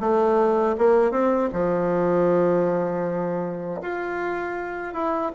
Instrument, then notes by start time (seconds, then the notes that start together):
bassoon
0.00 A3
0.78 A#3
1.11 C4
1.53 F3
3.81 F4
4.94 E4